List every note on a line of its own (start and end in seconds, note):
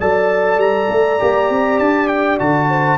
0.00 0.58 F#3
0.00 1.19 A4
0.00 2.69 D5
0.00 0.60 A5
0.58 0.88 G3
0.58 1.79 A#5
0.90 1.20 A3
1.19 1.50 A#3
1.19 2.39 G4
1.50 1.80 C4
1.79 2.40 D4
1.79 2.08 A5
2.08 2.38 G5
2.39 2.98 D3
2.39 2.98 F#4
2.39 2.98 A5
2.69 2.98 C5